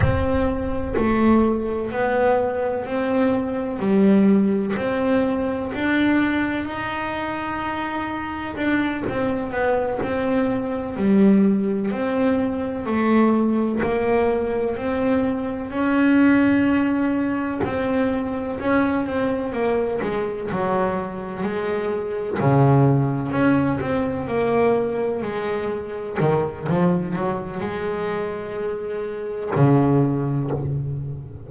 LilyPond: \new Staff \with { instrumentName = "double bass" } { \time 4/4 \tempo 4 = 63 c'4 a4 b4 c'4 | g4 c'4 d'4 dis'4~ | dis'4 d'8 c'8 b8 c'4 g8~ | g8 c'4 a4 ais4 c'8~ |
c'8 cis'2 c'4 cis'8 | c'8 ais8 gis8 fis4 gis4 cis8~ | cis8 cis'8 c'8 ais4 gis4 dis8 | f8 fis8 gis2 cis4 | }